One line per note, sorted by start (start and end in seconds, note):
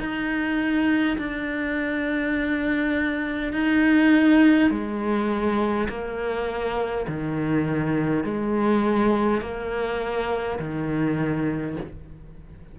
0.00 1.18 D#4
1.19 3.53 D4
3.53 4.71 D#4
4.71 5.88 G#3
5.89 7.07 A#3
7.08 8.25 D#3
8.25 9.42 G#3
9.42 10.59 A#3
10.60 11.78 D#3